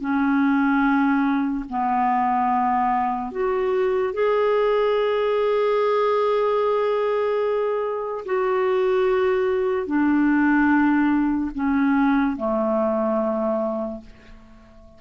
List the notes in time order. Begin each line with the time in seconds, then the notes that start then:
0.00 C#4
1.69 B3
3.31 F#4
4.13 G#4
8.25 F#4
9.86 D4
11.54 C#4
12.36 A3